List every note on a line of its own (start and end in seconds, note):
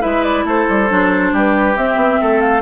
0.00 0.44 G#3
0.00 0.88 E4
0.00 0.44 B4
0.00 0.23 E5
0.23 0.45 D5
0.44 0.66 A3
0.44 1.32 A4
0.44 1.35 C5
0.69 0.90 G3
0.88 1.32 F#3
0.88 1.76 D4
1.32 1.76 G3
1.32 2.20 G4
1.32 1.77 B4
1.76 2.62 C4
1.76 1.96 C4
1.76 2.40 E5
1.96 2.18 B3
2.20 2.62 A3
2.20 2.62 A4
2.40 2.62 F5